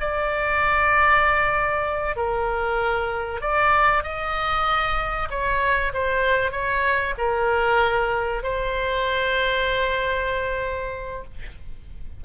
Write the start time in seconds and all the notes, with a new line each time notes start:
0.00 D5
2.16 A#4
3.41 D5
4.03 D#5
5.30 C#5
5.93 C5
6.51 C#5
7.18 A#4
8.43 C5